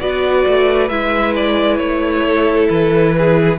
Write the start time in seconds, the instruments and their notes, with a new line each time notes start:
0.00 cello B3, viola F#4, violin B4 D5
0.48 cello A3
0.89 cello G#3, viola E4, violin E5
1.36 violin D5
1.78 cello A3, violin C#5
2.26 violin A4
2.69 cello E3, violin B4
3.18 violin G#4